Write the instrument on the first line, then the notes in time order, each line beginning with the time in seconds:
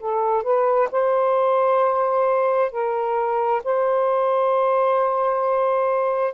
saxophone
0.00 A4
0.43 B4
0.92 C5
2.71 A#4
3.64 C5